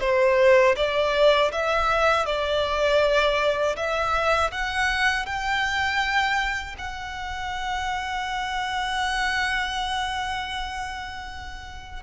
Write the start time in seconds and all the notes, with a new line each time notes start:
0.00 C5
0.76 D5
1.51 E5
2.26 D5
3.76 E5
4.51 F#5
5.25 G5
6.78 F#5